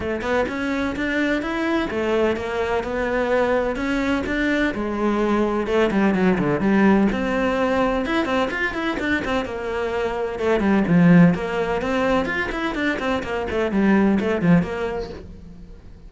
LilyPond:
\new Staff \with { instrumentName = "cello" } { \time 4/4 \tempo 4 = 127 a8 b8 cis'4 d'4 e'4 | a4 ais4 b2 | cis'4 d'4 gis2 | a8 g8 fis8 d8 g4 c'4~ |
c'4 e'8 c'8 f'8 e'8 d'8 c'8 | ais2 a8 g8 f4 | ais4 c'4 f'8 e'8 d'8 c'8 | ais8 a8 g4 a8 f8 ais4 | }